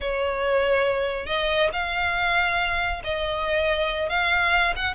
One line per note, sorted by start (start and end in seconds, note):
0.00 1.26 C#5
1.26 1.69 D#5
1.72 3.02 F5
3.03 4.09 D#5
4.09 4.74 F5
4.75 4.94 F#5